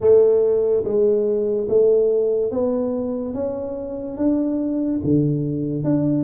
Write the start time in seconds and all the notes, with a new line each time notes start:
0.00 A3
0.84 G#3
1.69 A3
2.51 B3
3.33 C#4
4.17 D4
5.03 D3
5.84 D4